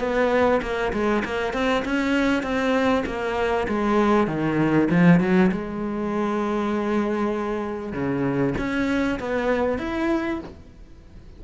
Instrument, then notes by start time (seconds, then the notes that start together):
cello
0.00 B3
0.62 A#3
0.93 G#3
1.25 A#3
1.54 C4
1.85 C#4
2.43 C4
3.06 A#3
3.68 G#3
4.27 D#3
4.91 F3
5.20 F#3
5.52 G#3
7.93 C#3
8.59 C#4
9.20 B3
9.79 E4